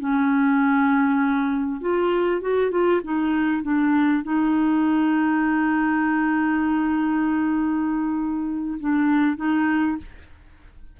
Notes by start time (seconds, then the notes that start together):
0.00 C#4
1.81 F4
2.42 F#4
2.71 F4
3.04 D#4
3.63 D4
4.23 D#4
8.80 D4
9.37 D#4